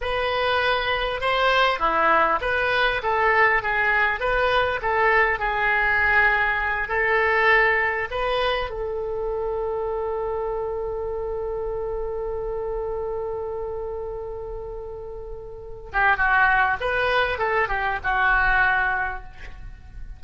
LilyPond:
\new Staff \with { instrumentName = "oboe" } { \time 4/4 \tempo 4 = 100 b'2 c''4 e'4 | b'4 a'4 gis'4 b'4 | a'4 gis'2~ gis'8 a'8~ | a'4. b'4 a'4.~ |
a'1~ | a'1~ | a'2~ a'8 g'8 fis'4 | b'4 a'8 g'8 fis'2 | }